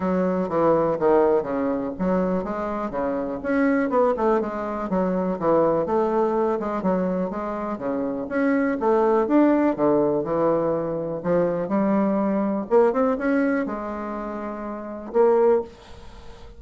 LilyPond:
\new Staff \with { instrumentName = "bassoon" } { \time 4/4 \tempo 4 = 123 fis4 e4 dis4 cis4 | fis4 gis4 cis4 cis'4 | b8 a8 gis4 fis4 e4 | a4. gis8 fis4 gis4 |
cis4 cis'4 a4 d'4 | d4 e2 f4 | g2 ais8 c'8 cis'4 | gis2. ais4 | }